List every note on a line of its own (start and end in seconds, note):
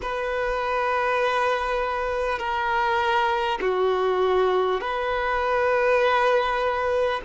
0.02 2.38 B4
2.38 3.58 A#4
3.61 4.81 F#4
4.81 7.21 B4